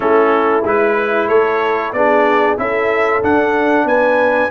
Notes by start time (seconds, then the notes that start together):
0.00 A3 C#4 E4 A4
0.64 G#3 E4 B4
1.27 A3 A4 C#5
1.92 B3 D4 G#4 D5
2.57 C#4 E4 A4 E5
3.22 D4 F#5
3.84 B3 B4 G#5